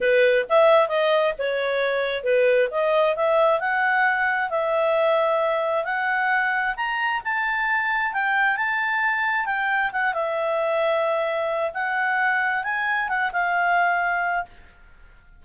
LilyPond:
\new Staff \with { instrumentName = "clarinet" } { \time 4/4 \tempo 4 = 133 b'4 e''4 dis''4 cis''4~ | cis''4 b'4 dis''4 e''4 | fis''2 e''2~ | e''4 fis''2 ais''4 |
a''2 g''4 a''4~ | a''4 g''4 fis''8 e''4.~ | e''2 fis''2 | gis''4 fis''8 f''2~ f''8 | }